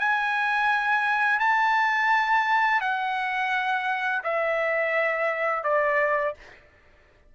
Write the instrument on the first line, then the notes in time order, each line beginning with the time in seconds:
trumpet
0.00 G#5
1.40 A5
2.81 F#5
4.24 E5
5.64 D5